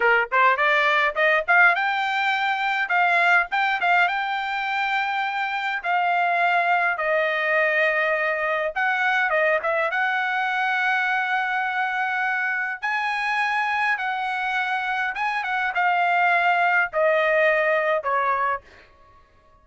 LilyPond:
\new Staff \with { instrumentName = "trumpet" } { \time 4/4 \tempo 4 = 103 ais'8 c''8 d''4 dis''8 f''8 g''4~ | g''4 f''4 g''8 f''8 g''4~ | g''2 f''2 | dis''2. fis''4 |
dis''8 e''8 fis''2.~ | fis''2 gis''2 | fis''2 gis''8 fis''8 f''4~ | f''4 dis''2 cis''4 | }